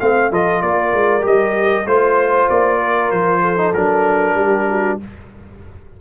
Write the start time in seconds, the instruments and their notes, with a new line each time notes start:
0.00 tuba A3, trombone C4, trumpet F5, horn F5
0.32 tuba F3, trombone F4, horn A4, trumpet D#5
0.62 tuba A#3, horn A#4, trumpet D5
0.93 tuba G#3
1.21 tuba G3, trombone G4, trumpet D#5
1.86 tuba A3, trombone F4, trumpet C5, horn C5
2.50 tuba A#3, trumpet D5
2.80 horn A#4
3.11 tuba F3, trumpet C5
3.41 horn A4
3.57 trombone D#4
3.74 tuba F#3, trombone D4, trumpet A#4
4.35 tuba G3, horn G4
4.69 horn F#4